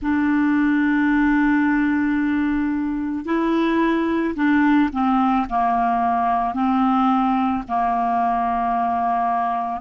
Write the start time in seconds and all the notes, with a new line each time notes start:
0.01 D4
3.25 E4
4.35 D4
4.92 C4
5.49 A#3
6.54 C4
7.68 A#3